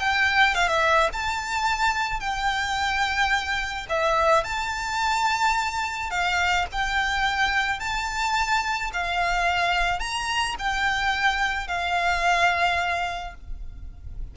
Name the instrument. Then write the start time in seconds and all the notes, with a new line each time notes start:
violin
0.00 G5
0.55 F5
0.68 E5
1.13 A5
2.20 G5
3.90 E5
4.44 A5
6.11 F5
6.72 G5
7.80 A5
8.93 F5
10.00 A#5
10.59 G5
11.68 F5